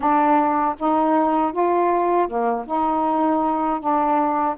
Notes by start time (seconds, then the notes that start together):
0.00 D4
0.78 D#4
1.52 F4
2.28 A#3
2.66 D#4
3.79 D4